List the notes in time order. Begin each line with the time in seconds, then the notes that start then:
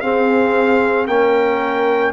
0.00 C4 G#4 F5
1.06 A#3 C#4 A#4 G5